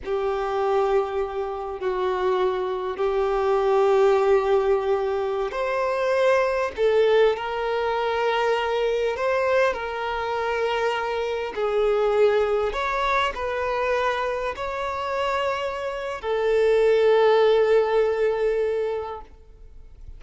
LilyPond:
\new Staff \with { instrumentName = "violin" } { \time 4/4 \tempo 4 = 100 g'2. fis'4~ | fis'4 g'2.~ | g'4~ g'16 c''2 a'8.~ | a'16 ais'2. c''8.~ |
c''16 ais'2. gis'8.~ | gis'4~ gis'16 cis''4 b'4.~ b'16~ | b'16 cis''2~ cis''8. a'4~ | a'1 | }